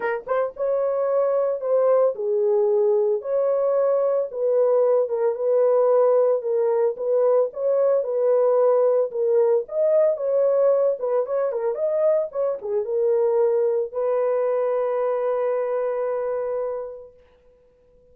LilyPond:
\new Staff \with { instrumentName = "horn" } { \time 4/4 \tempo 4 = 112 ais'8 c''8 cis''2 c''4 | gis'2 cis''2 | b'4. ais'8 b'2 | ais'4 b'4 cis''4 b'4~ |
b'4 ais'4 dis''4 cis''4~ | cis''8 b'8 cis''8 ais'8 dis''4 cis''8 gis'8 | ais'2 b'2~ | b'1 | }